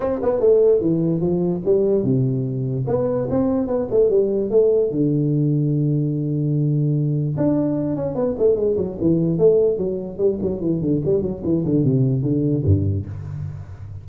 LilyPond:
\new Staff \with { instrumentName = "tuba" } { \time 4/4 \tempo 4 = 147 c'8 b8 a4 e4 f4 | g4 c2 b4 | c'4 b8 a8 g4 a4 | d1~ |
d2 d'4. cis'8 | b8 a8 gis8 fis8 e4 a4 | fis4 g8 fis8 e8 d8 g8 fis8 | e8 d8 c4 d4 g,4 | }